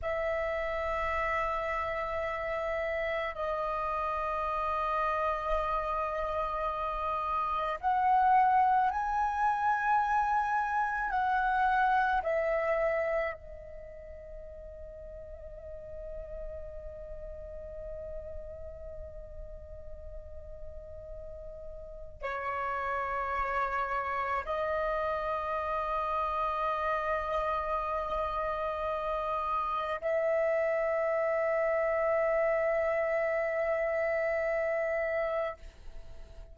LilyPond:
\new Staff \with { instrumentName = "flute" } { \time 4/4 \tempo 4 = 54 e''2. dis''4~ | dis''2. fis''4 | gis''2 fis''4 e''4 | dis''1~ |
dis''1 | cis''2 dis''2~ | dis''2. e''4~ | e''1 | }